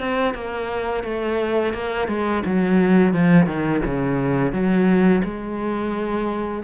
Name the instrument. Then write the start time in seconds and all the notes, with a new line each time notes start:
cello
0.00 C4
0.35 A#3
1.04 A3
1.74 A#3
2.08 G#3
2.46 F#3
3.14 F3
3.47 D#3
3.86 C#3
4.53 F#3
5.24 G#3